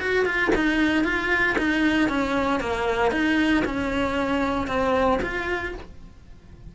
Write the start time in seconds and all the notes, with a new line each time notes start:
0.00 F#4
0.26 F4
0.56 D#4
1.04 F4
1.58 D#4
2.09 C#4
2.60 A#3
3.12 D#4
3.65 C#4
4.67 C4
5.22 F4